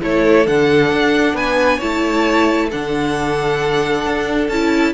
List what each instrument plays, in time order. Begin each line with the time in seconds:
0.00 cello A3, viola E4, violin A4 C#5
0.46 cello D3, viola D4, violin F#5
0.91 cello D4
1.33 cello B3, violin B4 G#5
1.77 cello A3, viola E4, violin C#5 A5
2.69 cello D3, viola D4, violin A4 F#5
4.05 cello D4
4.48 cello C#4, viola E4, violin A5